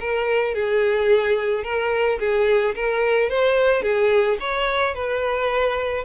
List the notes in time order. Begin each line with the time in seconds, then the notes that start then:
0.00 A#4
0.54 G#4
1.64 A#4
2.20 G#4
2.75 A#4
3.30 C5
3.83 G#4
4.40 C#5
4.94 B4